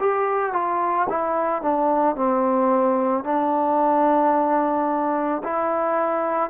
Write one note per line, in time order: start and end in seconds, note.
0.00 0.53 G4
0.53 1.08 F4
1.10 1.62 E4
1.62 2.16 D4
2.16 3.24 C4
3.24 5.42 D4
5.44 6.51 E4